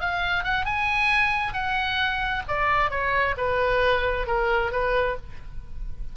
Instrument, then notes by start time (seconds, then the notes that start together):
oboe
0.00 F5
0.44 F#5
0.65 G#5
1.53 F#5
2.48 D5
2.90 C#5
3.37 B4
4.26 A#4
4.71 B4